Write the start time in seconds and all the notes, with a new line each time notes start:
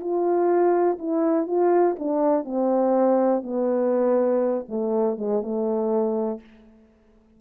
0.00 F4
0.99 E4
1.47 F4
1.99 D4
2.45 C4
3.43 B3
4.68 A3
5.17 G#3
5.42 A3